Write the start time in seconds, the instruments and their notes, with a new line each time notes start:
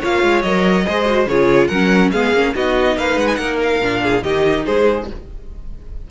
0.00 cello A#3, viola F4, violin C#5 F5
0.23 cello G#3
0.42 cello F#3, viola A#4, violin D#5
0.85 cello G#3, viola G#4, violin C5
1.05 viola F#4
1.26 cello C#3, viola F4, violin G#4 C#5
1.68 cello F#3, viola C#4, violin A#4 F#5
2.12 cello G#3, viola B3, violin G#4 F5
2.33 cello A#3, viola C#4
2.55 cello B3, viola D#4, violin F#4 D#5
2.97 cello A#3, violin B4 F5
3.17 cello G#3, violin F#5
3.28 violin G#5
3.35 cello A#3, violin A#4 F#5
3.63 violin F5
3.81 cello A#2, viola D4
4.03 violin G#4
4.23 cello D#3, viola D#4, violin G4 D#5
4.66 cello G#3, violin G#4 C5